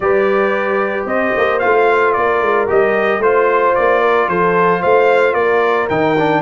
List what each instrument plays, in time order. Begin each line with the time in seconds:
0.00 tuba G3, trombone G4, horn B4, trumpet D5
1.05 tuba C4, horn C5, trumpet D#5
1.36 tuba A#3
1.59 tuba A3, trombone F4, trumpet F5
2.12 tuba A#3, horn A#4, trumpet D5
2.41 tuba G#3
2.67 tuba G3, trombone G4, trumpet D#5
3.18 tuba A3, trombone F4, horn C5, trumpet C5
3.75 tuba A#3, trumpet D5
4.01 horn A#4
4.28 tuba F3, horn A4, trumpet C5
4.80 tuba A3, horn C5, trumpet F5
5.33 tuba A#3, horn A#4, trumpet D5
5.89 tuba D#3, trombone D#4, trumpet G5
6.18 trombone D4